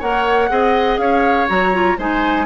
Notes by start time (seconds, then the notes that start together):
0.00 A#3 A#4 C#5 F#5
0.50 C4 G#4 D#5
0.98 C#4 C#5 F5
1.49 F#3 F#4 A#5
1.73 F4
1.98 G#3 D#4 C5 G#5